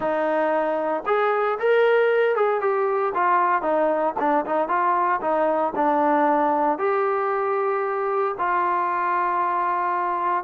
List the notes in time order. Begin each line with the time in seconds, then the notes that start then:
0.00 D#4
1.06 G#4
1.59 A#4
2.35 G#4
2.60 G4
3.14 F4
3.62 D#4
4.19 D4
4.45 D#4
4.68 F4
5.21 D#4
5.75 D4
6.78 G4
8.38 F4